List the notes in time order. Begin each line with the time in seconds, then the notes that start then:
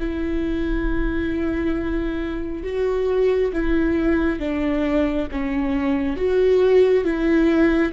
0.00 E4
2.64 F#4
3.54 E4
4.40 D4
5.32 C#4
6.17 F#4
7.04 E4